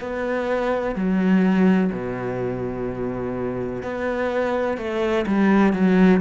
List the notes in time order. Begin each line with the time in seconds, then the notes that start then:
0.00 B3
0.95 F#3
1.92 B2
3.82 B3
4.77 A3
5.26 G3
5.73 F#3